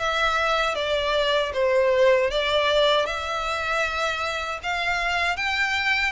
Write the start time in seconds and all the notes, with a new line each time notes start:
0.00 E5
0.76 D5
1.54 C5
2.31 D5
3.06 E5
4.64 F5
5.37 G5